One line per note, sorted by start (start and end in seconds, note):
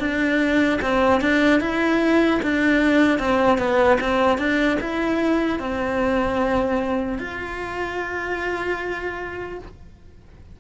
0.00 0.80 D4
0.82 1.21 C4
1.21 1.61 D4
1.61 2.41 E4
2.43 3.19 D4
3.19 3.59 C4
3.59 3.99 B3
4.01 4.38 C4
4.38 4.78 D4
4.81 5.59 E4
5.59 7.19 C4
7.19 9.59 F4